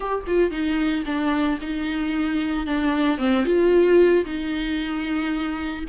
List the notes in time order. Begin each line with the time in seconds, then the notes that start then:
0.00 G4
0.26 F4
0.50 D#4
1.05 D4
1.61 D#4
2.66 D4
3.18 C4
3.45 F4
4.25 D#4